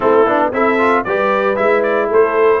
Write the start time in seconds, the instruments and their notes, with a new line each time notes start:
0.00 tuba A3, trombone C4, horn E4, trumpet A4
0.26 tuba B3, trombone D4
0.52 tuba C4, trombone E4, horn A4, trumpet E5
0.78 trombone F4
1.04 tuba G3, trombone G4, horn B4, trumpet D5
1.56 tuba G#3, trombone E4, trumpet E5
1.83 trumpet D5
2.08 tuba A3, horn A4, trumpet C5